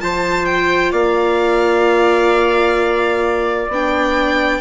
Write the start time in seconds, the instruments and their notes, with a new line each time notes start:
0.00 bassoon F3, viola F4, trumpet C5, violin A5
0.45 violin G5
0.92 bassoon A#3, trumpet D5, violin F5
3.68 bassoon B3, viola D4, violin G5